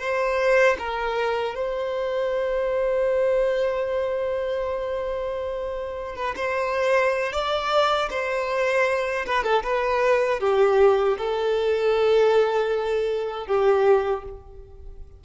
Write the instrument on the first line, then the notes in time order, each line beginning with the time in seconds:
violin
0.00 C5
0.79 A#4
1.55 C5
6.16 B4
6.36 C5
7.32 D5
8.10 C5
9.26 B4
9.43 A4
9.63 B4
10.40 G4
11.18 A4
13.46 G4